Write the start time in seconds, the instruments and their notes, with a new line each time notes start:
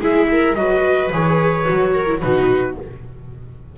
0.00 double bass G#3, viola E4 G#4, trumpet E5
0.31 viola A#4
0.55 double bass F#3, viola F#4 B4, trumpet D#5
1.11 double bass E3, viola G#4, trumpet C#5
1.65 double bass F#3, viola F#4
1.93 viola A#4
2.06 viola E4
2.20 double bass B2, viola D#4 F#4, trumpet B4